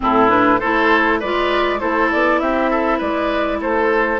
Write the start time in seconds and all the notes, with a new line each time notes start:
0.00 A2 C4 E4 A4
0.29 D4 B4
0.59 A3 E4 A4 C5
1.19 G#3 F4 B4 D5
1.79 A3 E4 A4 C5
2.11 B3 D5
2.39 C4 G4 E5
2.70 A4
2.98 G#3 B4 D5
3.60 A3 A4 C5